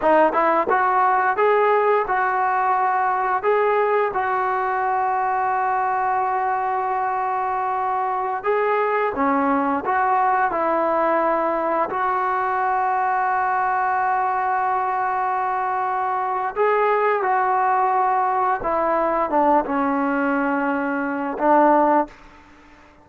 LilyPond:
\new Staff \with { instrumentName = "trombone" } { \time 4/4 \tempo 4 = 87 dis'8 e'8 fis'4 gis'4 fis'4~ | fis'4 gis'4 fis'2~ | fis'1~ | fis'16 gis'4 cis'4 fis'4 e'8.~ |
e'4~ e'16 fis'2~ fis'8.~ | fis'1 | gis'4 fis'2 e'4 | d'8 cis'2~ cis'8 d'4 | }